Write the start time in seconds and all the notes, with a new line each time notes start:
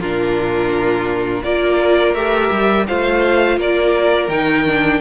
0.00 A#2 D4 F4 A#4
1.43 A#3 F4 A#4 D5
2.14 A3 G4 E5
2.51 G3
2.87 A3 F4 C5 F5
3.57 A#3 A#4 D5
4.28 D#3 D#4 G5
4.67 D4